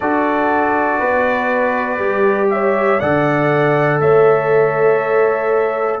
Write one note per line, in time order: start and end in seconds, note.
0.00 1.00 D4
0.00 1.99 F#4
0.00 0.99 A4
0.00 2.48 D5
0.99 1.99 B3
0.99 2.49 B4
1.99 2.99 G3
1.99 2.99 G4
2.50 3.00 C#5
2.50 3.00 E5
3.00 4.00 D3
3.00 6.00 A4
3.00 4.00 D5
3.00 4.00 F#5
4.00 6.00 A3
4.00 6.00 C#5
4.00 6.00 E5